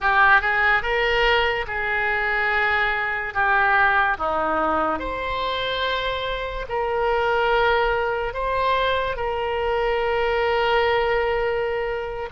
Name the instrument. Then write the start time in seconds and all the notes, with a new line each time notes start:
oboe
0.00 G4
0.41 G#4
0.82 A#4
1.67 G#4
3.33 G4
4.18 D#4
4.99 C5
6.69 A#4
8.33 C5
9.16 A#4